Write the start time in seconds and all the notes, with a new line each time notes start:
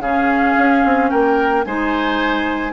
0.00 C#3 C#4 G#4 F5
0.58 C#4
0.85 C4
1.10 A#3 A#4 G5
1.65 G#3 D#4 C5 G#5